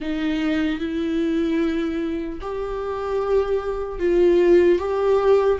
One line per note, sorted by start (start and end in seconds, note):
0.00 0.79 D#4
0.79 2.39 E4
2.41 3.99 G4
3.99 4.78 F4
4.78 5.58 G4